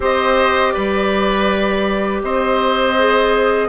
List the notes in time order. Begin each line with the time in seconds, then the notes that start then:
0.00 C4 G4 C5 D#5
0.72 G3 B4 D5
2.23 C4 C5 D#5
2.98 G#4